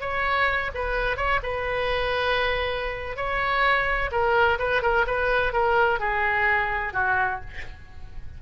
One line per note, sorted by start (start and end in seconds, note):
0.00 0.70 C#5
0.74 1.16 B4
1.16 1.40 C#5
1.42 3.16 B4
3.16 4.10 C#5
4.11 4.58 A#4
4.59 4.82 B4
4.82 5.05 A#4
5.06 5.52 B4
5.52 5.99 A#4
5.99 6.93 G#4
6.93 7.40 F#4